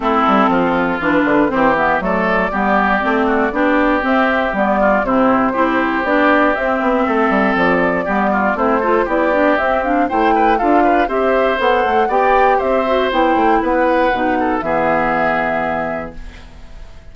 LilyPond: <<
  \new Staff \with { instrumentName = "flute" } { \time 4/4 \tempo 4 = 119 a'2 b'4 c''8 e''8 | d''1 | e''4 d''4 c''2 | d''4 e''2 d''4~ |
d''4 c''4 d''4 e''8 f''8 | g''4 f''4 e''4 fis''4 | g''4 e''4 g''4 fis''4~ | fis''4 e''2. | }
  \new Staff \with { instrumentName = "oboe" } { \time 4/4 e'4 f'2 g'4 | a'4 g'4. fis'8 g'4~ | g'4. f'8 e'4 g'4~ | g'2 a'2 |
g'8 f'8 e'8 a'8 g'2 | c''8 b'8 a'8 b'8 c''2 | d''4 c''2 b'4~ | b'8 a'8 gis'2. | }
  \new Staff \with { instrumentName = "clarinet" } { \time 4/4 c'2 d'4 c'8 b8 | a4 b4 c'4 d'4 | c'4 b4 c'4 e'4 | d'4 c'2. |
b4 c'8 f'8 e'8 d'8 c'8 d'8 | e'4 f'4 g'4 a'4 | g'4. fis'8 e'2 | dis'4 b2. | }
  \new Staff \with { instrumentName = "bassoon" } { \time 4/4 a8 g8 f4 e8 d8 e4 | fis4 g4 a4 b4 | c'4 g4 c4 c'4 | b4 c'8 b8 a8 g8 f4 |
g4 a4 b4 c'4 | a4 d'4 c'4 b8 a8 | b4 c'4 b8 a8 b4 | b,4 e2. | }
>>